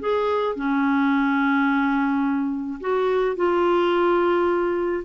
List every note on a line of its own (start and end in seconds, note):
0.00 0.55 G#4
0.55 2.80 C#4
2.81 3.36 F#4
3.36 5.04 F4